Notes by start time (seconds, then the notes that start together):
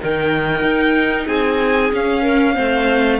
0.00 D#3 D#4 A#4 G5
0.62 D#4
1.26 C4 G#4 G#5
1.93 C#4 F5
2.22 A#4
2.55 A3 C4 C5